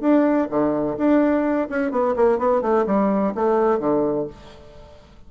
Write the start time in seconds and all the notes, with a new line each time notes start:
0.00 D4
0.50 D3
0.97 D4
1.69 C#4
1.91 B3
2.16 A#3
2.38 B3
2.61 A3
2.86 G3
3.35 A3
3.79 D3